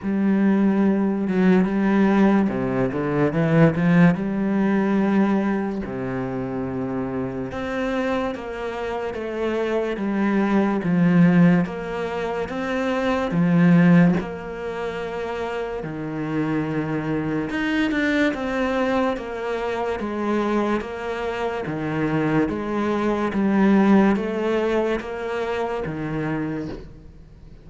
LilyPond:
\new Staff \with { instrumentName = "cello" } { \time 4/4 \tempo 4 = 72 g4. fis8 g4 c8 d8 | e8 f8 g2 c4~ | c4 c'4 ais4 a4 | g4 f4 ais4 c'4 |
f4 ais2 dis4~ | dis4 dis'8 d'8 c'4 ais4 | gis4 ais4 dis4 gis4 | g4 a4 ais4 dis4 | }